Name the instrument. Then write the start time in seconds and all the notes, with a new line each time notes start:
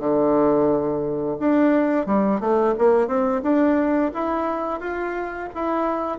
bassoon
0.00 D3
1.40 D4
2.07 G3
2.40 A3
2.79 A#3
3.08 C4
3.43 D4
4.14 E4
4.81 F4
5.55 E4